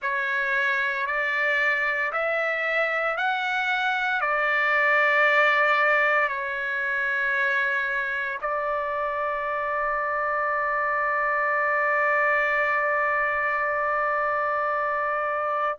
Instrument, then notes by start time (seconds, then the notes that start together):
trumpet
0.01 C#5
1.06 D5
2.12 E5
3.17 F#5
4.21 D5
6.28 C#5
8.41 D5